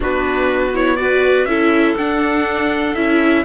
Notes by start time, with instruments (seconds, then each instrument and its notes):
0.00 cello B3, viola D4, clarinet F#4, trumpet B4
0.73 viola E4, trumpet C#5
0.96 viola F#4, clarinet B4, trumpet D5
1.45 cello C#4, viola E4, clarinet A4, trumpet E5
1.96 cello D4, viola D4, trumpet F#5
2.95 cello C#4, viola E4, trumpet E5